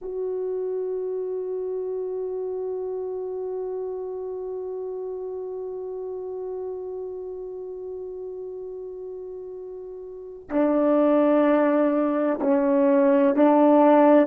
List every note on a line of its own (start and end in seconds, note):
0.01 10.48 F#4
10.48 12.39 D4
12.40 13.35 C#4
13.35 14.27 D4